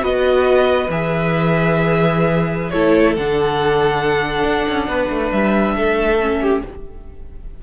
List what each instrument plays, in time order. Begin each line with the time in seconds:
0.00 cello B3, viola F#4, violin B4 D#5
0.89 cello E3, viola G#4, violin E5
2.70 cello A3, viola E4, violin A4 C#5
3.17 cello D3, viola D4, violin F#5
4.43 cello D4
4.68 cello C#4
4.88 cello B3, violin B4
5.10 cello A3
5.31 cello G3, violin E5
5.75 cello A3, violin A4
6.20 viola C#4
6.41 violin G4